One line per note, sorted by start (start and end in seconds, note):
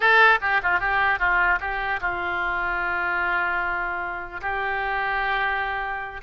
0.00 0.39 A4
0.41 0.61 G4
0.63 0.79 F4
0.79 1.19 G4
1.19 1.59 F4
1.60 2.00 G4
2.01 4.41 F4
4.41 6.21 G4